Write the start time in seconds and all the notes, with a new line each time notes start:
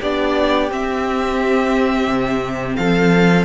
0.00 B3 D4 G4 D5
0.70 C4 E5
2.08 C3
2.76 F3 A4 F5